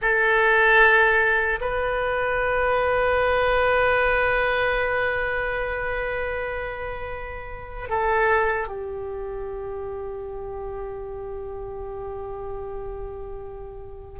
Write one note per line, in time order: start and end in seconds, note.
0.01 1.59 A4
1.60 7.89 B4
7.89 8.67 A4
8.67 14.19 G4